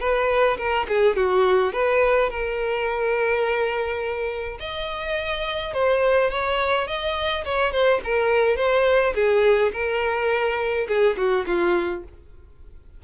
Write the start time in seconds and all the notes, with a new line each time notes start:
0.00 B4
0.58 A#4
0.88 G#4
1.16 F#4
1.72 B4
2.30 A#4
4.59 D#5
5.74 C5
6.30 C#5
6.87 D#5
7.44 C#5
7.72 C5
8.04 A#4
8.56 C5
9.15 G#4
9.72 A#4
10.88 G#4
11.17 F#4
11.46 F4